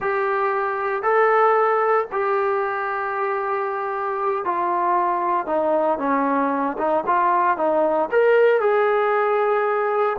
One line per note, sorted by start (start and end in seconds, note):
0.00 1.02 G4
1.02 2.07 A4
2.11 4.44 G4
4.44 5.46 F4
5.46 5.98 D#4
5.98 6.76 C#4
6.78 7.04 D#4
7.06 7.57 F4
7.57 8.09 D#4
8.11 8.60 A#4
8.60 10.16 G#4